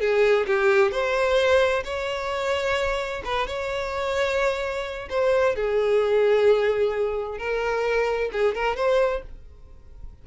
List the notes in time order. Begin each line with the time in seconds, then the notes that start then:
0.00 G#4
0.46 G4
0.91 C5
1.84 C#5
3.24 B4
3.47 C#5
5.09 C5
5.55 G#4
7.38 A#4
8.32 G#4
8.54 A#4
8.76 C5